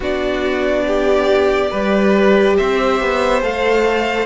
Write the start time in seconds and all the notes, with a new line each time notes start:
0.00 B3 D4 F#4 D5
0.86 G4
1.70 G3 G4 B4
2.56 C4 C5 E5
3.00 B3
3.42 A3 A4 F5